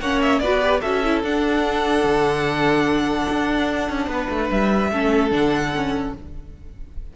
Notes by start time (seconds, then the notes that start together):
0.00 A#3 C#4 C#5 F#5
0.22 E5
0.39 B3 F#4 B4 D5
0.61 G4
0.81 C#4 F#4 A4 E5
1.04 E4
1.23 D4 F#5
2.04 D3
3.30 D4
3.90 C#4
4.07 B3 B4
4.29 A3
4.51 G3 E5
4.92 A3 C#4 A4
5.31 D3 D4 F#5
5.75 C#4